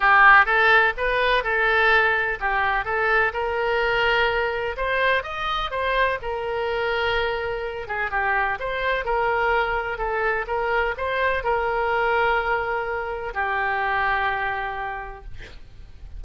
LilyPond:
\new Staff \with { instrumentName = "oboe" } { \time 4/4 \tempo 4 = 126 g'4 a'4 b'4 a'4~ | a'4 g'4 a'4 ais'4~ | ais'2 c''4 dis''4 | c''4 ais'2.~ |
ais'8 gis'8 g'4 c''4 ais'4~ | ais'4 a'4 ais'4 c''4 | ais'1 | g'1 | }